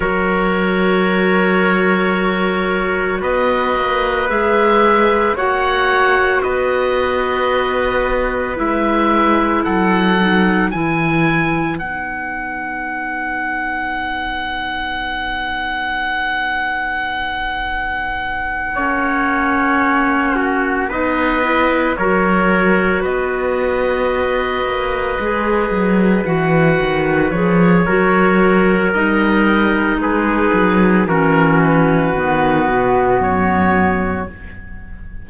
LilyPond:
<<
  \new Staff \with { instrumentName = "oboe" } { \time 4/4 \tempo 4 = 56 cis''2. dis''4 | e''4 fis''4 dis''2 | e''4 fis''4 gis''4 fis''4~ | fis''1~ |
fis''2.~ fis''8 dis''8~ | dis''8 cis''4 dis''2~ dis''8~ | dis''8 fis''4 cis''4. dis''4 | b'4 ais'8 b'4. cis''4 | }
  \new Staff \with { instrumentName = "trumpet" } { \time 4/4 ais'2. b'4~ | b'4 cis''4 b'2~ | b'4 a'4 b'2~ | b'1~ |
b'4. cis''4. fis'8 b'8~ | b'8 ais'4 b'2~ b'8~ | b'2 ais'2 | gis'4 fis'2. | }
  \new Staff \with { instrumentName = "clarinet" } { \time 4/4 fis'1 | gis'4 fis'2. | e'4. dis'8 e'4 dis'4~ | dis'1~ |
dis'4. cis'2 dis'8 | e'8 fis'2. gis'8~ | gis'8 fis'4 gis'8 fis'4 dis'4~ | dis'4 cis'4 b2 | }
  \new Staff \with { instrumentName = "cello" } { \time 4/4 fis2. b8 ais8 | gis4 ais4 b2 | gis4 fis4 e4 b4~ | b1~ |
b4. ais2 b8~ | b8 fis4 b4. ais8 gis8 | fis8 e8 dis8 f8 fis4 g4 | gis8 fis8 e4 dis8 b,8 fis,4 | }
>>